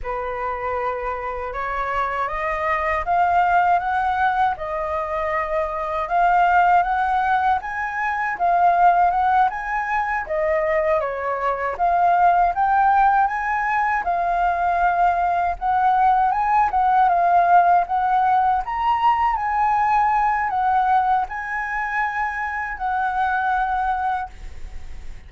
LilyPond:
\new Staff \with { instrumentName = "flute" } { \time 4/4 \tempo 4 = 79 b'2 cis''4 dis''4 | f''4 fis''4 dis''2 | f''4 fis''4 gis''4 f''4 | fis''8 gis''4 dis''4 cis''4 f''8~ |
f''8 g''4 gis''4 f''4.~ | f''8 fis''4 gis''8 fis''8 f''4 fis''8~ | fis''8 ais''4 gis''4. fis''4 | gis''2 fis''2 | }